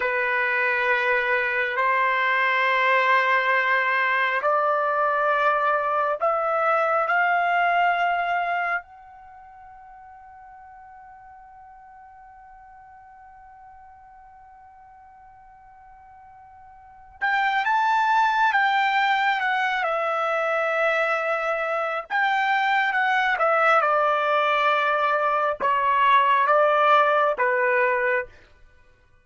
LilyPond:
\new Staff \with { instrumentName = "trumpet" } { \time 4/4 \tempo 4 = 68 b'2 c''2~ | c''4 d''2 e''4 | f''2 fis''2~ | fis''1~ |
fis''2.~ fis''8 g''8 | a''4 g''4 fis''8 e''4.~ | e''4 g''4 fis''8 e''8 d''4~ | d''4 cis''4 d''4 b'4 | }